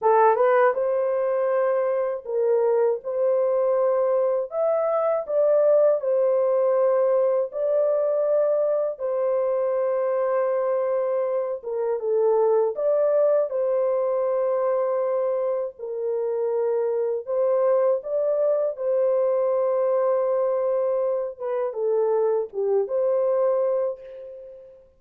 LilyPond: \new Staff \with { instrumentName = "horn" } { \time 4/4 \tempo 4 = 80 a'8 b'8 c''2 ais'4 | c''2 e''4 d''4 | c''2 d''2 | c''2.~ c''8 ais'8 |
a'4 d''4 c''2~ | c''4 ais'2 c''4 | d''4 c''2.~ | c''8 b'8 a'4 g'8 c''4. | }